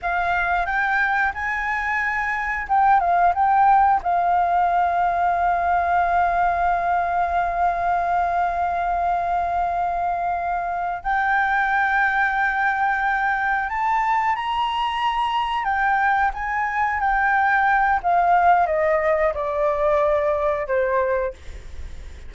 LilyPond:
\new Staff \with { instrumentName = "flute" } { \time 4/4 \tempo 4 = 90 f''4 g''4 gis''2 | g''8 f''8 g''4 f''2~ | f''1~ | f''1~ |
f''8 g''2.~ g''8~ | g''8 a''4 ais''2 g''8~ | g''8 gis''4 g''4. f''4 | dis''4 d''2 c''4 | }